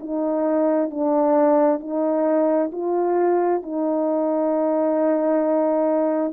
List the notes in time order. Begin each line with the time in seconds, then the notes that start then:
0.00 D#4
0.90 D4
1.80 D#4
2.72 F4
3.62 D#4